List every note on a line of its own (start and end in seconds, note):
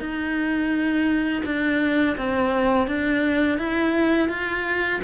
0.00 1.43 D#4
1.45 2.17 D4
2.17 2.87 C4
2.87 3.58 D4
3.58 4.29 E4
4.29 5.00 F4